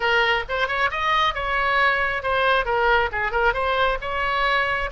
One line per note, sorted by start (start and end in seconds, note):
0.00 0.44 A#4
0.48 0.67 C5
0.67 0.89 C#5
0.91 1.34 D#5
1.34 2.22 C#5
2.22 2.65 C5
2.65 3.09 A#4
3.12 3.31 G#4
3.31 3.53 A#4
3.53 3.98 C5
4.01 4.90 C#5